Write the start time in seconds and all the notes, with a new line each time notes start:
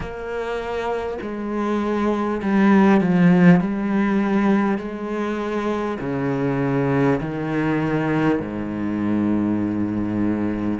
0.00 A#3
1.21 G#3
2.42 G3
3.01 F3
3.60 G3
4.77 G#3
6.00 C#3
7.20 D#3
8.39 G#2